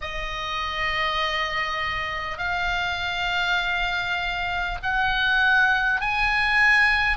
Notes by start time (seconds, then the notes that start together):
0.01 D#5
2.37 F5
4.82 F#5
6.01 G#5